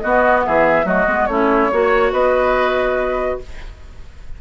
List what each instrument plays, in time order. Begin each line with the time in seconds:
0.00 clarinet B3, bassoon B3, oboe F#4, flute D#5
0.46 bassoon E3, oboe G#4, flute E5
0.85 bassoon F#3, clarinet A3, oboe F#4, flute D#5
1.07 bassoon G#3, clarinet B3
1.27 bassoon A3, clarinet C#4, oboe E4, flute C#5
1.72 bassoon A#3, clarinet F#4, oboe C#5
2.13 bassoon B3, oboe B4, flute D#5